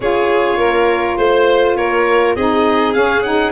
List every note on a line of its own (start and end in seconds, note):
0.00 0.57 C#4
0.00 2.37 F4
0.00 0.58 G#4
0.00 1.17 C#5
0.57 1.16 A#3
0.57 1.17 A#4
1.17 1.76 A3
1.17 1.75 C5
1.17 1.77 C5
1.76 2.35 A#3
1.76 2.35 A#4
1.76 2.35 C#5
2.35 2.94 C4
2.35 2.94 D#4
2.35 3.52 G#4
2.35 2.93 D#5
2.93 3.23 C#4
2.93 3.52 C#4
2.93 3.22 F5
3.22 3.52 D#4
3.22 3.52 F#5